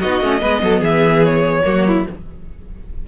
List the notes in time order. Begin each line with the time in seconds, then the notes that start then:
0.00 B3 D#4 F#4 D#5
0.22 A3 C#4
0.41 G#3 B3 B4
0.63 F#3 A4
0.80 E3 G#4 E5
1.25 C#5
1.64 F#3 A#3 F#4
1.88 E4